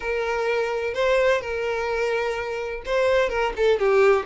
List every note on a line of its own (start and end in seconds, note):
0.00 0.94 A#4
0.94 1.41 C5
1.41 2.82 A#4
2.85 3.29 C5
3.29 3.53 A#4
3.56 3.79 A4
3.79 4.25 G4